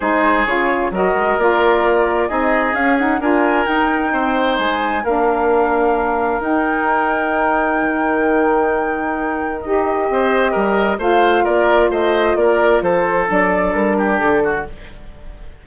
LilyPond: <<
  \new Staff \with { instrumentName = "flute" } { \time 4/4 \tempo 4 = 131 c''4 cis''4 dis''4 d''4~ | d''4 dis''4 f''8 fis''8 gis''4 | g''2 gis''4 f''4~ | f''2 g''2~ |
g''1~ | g''4 dis''2. | f''4 d''4 dis''4 d''4 | c''4 d''4 ais'4 a'4 | }
  \new Staff \with { instrumentName = "oboe" } { \time 4/4 gis'2 ais'2~ | ais'4 gis'2 ais'4~ | ais'4 c''2 ais'4~ | ais'1~ |
ais'1~ | ais'2 c''4 ais'4 | c''4 ais'4 c''4 ais'4 | a'2~ a'8 g'4 fis'8 | }
  \new Staff \with { instrumentName = "saxophone" } { \time 4/4 dis'4 f'4 fis'4 f'4~ | f'4 dis'4 cis'8 dis'8 f'4 | dis'2. d'4~ | d'2 dis'2~ |
dis'1~ | dis'4 g'2. | f'1~ | f'4 d'2. | }
  \new Staff \with { instrumentName = "bassoon" } { \time 4/4 gis4 cis4 fis8 gis8 ais4~ | ais4 c'4 cis'4 d'4 | dis'4 c'4 gis4 ais4~ | ais2 dis'2~ |
dis'4 dis2.~ | dis4 dis'4 c'4 g4 | a4 ais4 a4 ais4 | f4 fis4 g4 d4 | }
>>